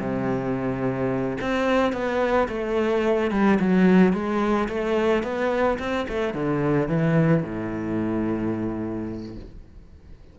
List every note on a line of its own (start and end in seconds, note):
0.00 1.37 C3
1.41 1.93 C4
1.93 2.48 B3
2.48 3.31 A3
3.31 3.59 G3
3.60 4.13 F#3
4.13 4.68 G#3
4.69 5.23 A3
5.23 5.78 B3
5.79 6.07 C4
6.09 6.34 A3
6.34 6.89 D3
6.89 7.43 E3
7.43 9.36 A2